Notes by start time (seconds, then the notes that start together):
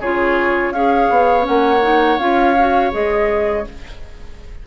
0.00 C#3 F4 G#4 C#5
0.70 C#4 G#4 C#5 F5
1.10 B3
1.42 C#4 F#5
1.48 A#3
1.82 D#4
2.18 C#4 F4 F5
2.58 F#4
2.91 G#3 G#4 D#5